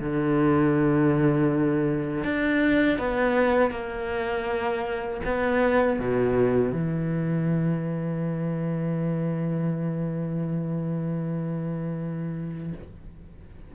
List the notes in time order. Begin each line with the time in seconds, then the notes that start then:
0.00 D3
2.24 D4
2.99 B3
3.71 A#3
5.25 B3
6.00 B2
6.73 E3